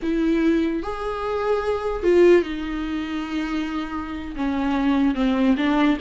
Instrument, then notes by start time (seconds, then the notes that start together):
viola
0.02 E4
0.82 G#4
2.03 F4
2.42 D#4
4.36 C#4
5.14 C4
5.57 D4